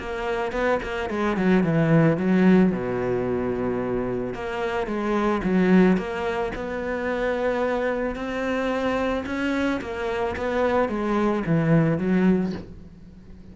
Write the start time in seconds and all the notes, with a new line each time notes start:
0.00 A#3
0.52 B3
0.83 A#3
1.10 G#3
1.37 F#3
1.64 E3
2.18 F#3
2.72 B2
4.35 A#3
4.87 G#3
5.44 F#3
5.98 A#3
6.56 B3
8.16 C4
9.27 C#4
9.82 A#3
10.37 B3
10.89 G#3
11.47 E3
11.99 F#3